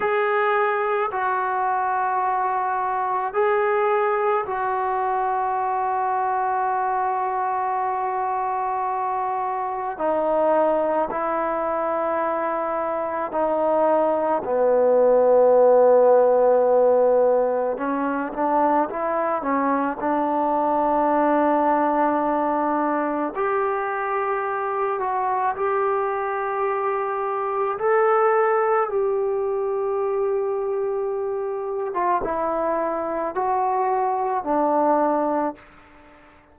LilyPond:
\new Staff \with { instrumentName = "trombone" } { \time 4/4 \tempo 4 = 54 gis'4 fis'2 gis'4 | fis'1~ | fis'4 dis'4 e'2 | dis'4 b2. |
cis'8 d'8 e'8 cis'8 d'2~ | d'4 g'4. fis'8 g'4~ | g'4 a'4 g'2~ | g'8. f'16 e'4 fis'4 d'4 | }